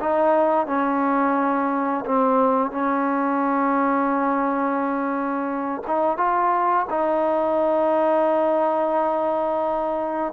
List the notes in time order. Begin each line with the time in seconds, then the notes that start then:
0.00 D#4
0.67 C#4
2.06 C4
2.71 C#4
5.87 D#4
6.17 F4
6.90 D#4